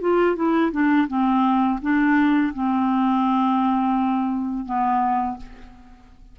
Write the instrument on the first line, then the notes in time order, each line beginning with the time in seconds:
clarinet
0.00 F4
0.35 E4
0.71 D4
1.07 C4
1.81 D4
2.54 C4
4.65 B3